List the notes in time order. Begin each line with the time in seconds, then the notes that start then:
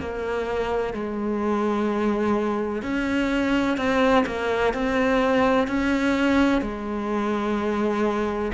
0.00 A#3
0.94 G#3
2.83 C#4
3.77 C4
4.26 A#3
4.74 C4
5.68 C#4
6.62 G#3